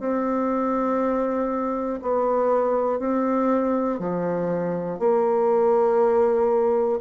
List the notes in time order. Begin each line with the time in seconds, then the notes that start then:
0.00 C4
2.02 B3
3.00 C4
4.00 F3
4.99 A#3